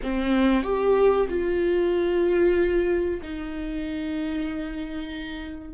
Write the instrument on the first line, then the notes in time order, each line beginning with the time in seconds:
viola
0.02 C4
0.62 G4
1.29 F4
3.21 D#4